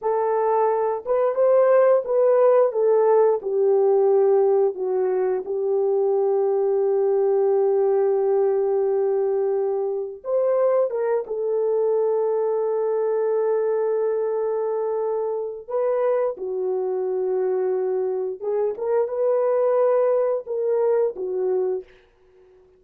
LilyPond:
\new Staff \with { instrumentName = "horn" } { \time 4/4 \tempo 4 = 88 a'4. b'8 c''4 b'4 | a'4 g'2 fis'4 | g'1~ | g'2. c''4 |
ais'8 a'2.~ a'8~ | a'2. b'4 | fis'2. gis'8 ais'8 | b'2 ais'4 fis'4 | }